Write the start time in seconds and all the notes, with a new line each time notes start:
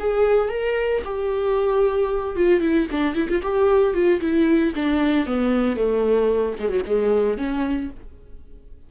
0.00 G#4
0.50 A#4
1.05 G4
2.36 F4
2.61 E4
2.91 D4
3.15 E4
3.29 F4
3.43 G4
3.94 F4
4.21 E4
4.76 D4
5.27 B3
5.77 A3
6.60 G#3
6.69 F#3
6.86 G#3
7.38 C#4